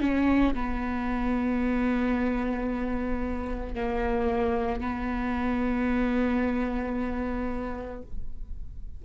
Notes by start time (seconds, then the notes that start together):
0.00 C#4
0.54 B3
3.74 A#3
4.81 B3